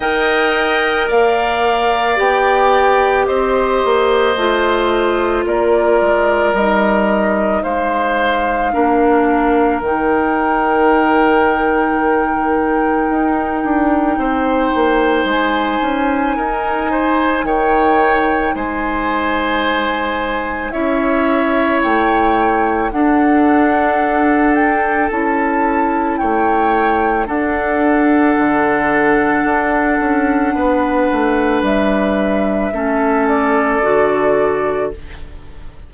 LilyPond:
<<
  \new Staff \with { instrumentName = "flute" } { \time 4/4 \tempo 4 = 55 g''4 f''4 g''4 dis''4~ | dis''4 d''4 dis''4 f''4~ | f''4 g''2.~ | g''2 gis''2 |
g''4 gis''2 e''4 | g''4 fis''4. g''8 a''4 | g''4 fis''2.~ | fis''4 e''4. d''4. | }
  \new Staff \with { instrumentName = "oboe" } { \time 4/4 dis''4 d''2 c''4~ | c''4 ais'2 c''4 | ais'1~ | ais'4 c''2 ais'8 c''8 |
cis''4 c''2 cis''4~ | cis''4 a'2. | cis''4 a'2. | b'2 a'2 | }
  \new Staff \with { instrumentName = "clarinet" } { \time 4/4 ais'2 g'2 | f'2 dis'2 | d'4 dis'2.~ | dis'1~ |
dis'2. e'4~ | e'4 d'2 e'4~ | e'4 d'2.~ | d'2 cis'4 fis'4 | }
  \new Staff \with { instrumentName = "bassoon" } { \time 4/4 dis'4 ais4 b4 c'8 ais8 | a4 ais8 gis8 g4 gis4 | ais4 dis2. | dis'8 d'8 c'8 ais8 gis8 cis'8 dis'4 |
dis4 gis2 cis'4 | a4 d'2 cis'4 | a4 d'4 d4 d'8 cis'8 | b8 a8 g4 a4 d4 | }
>>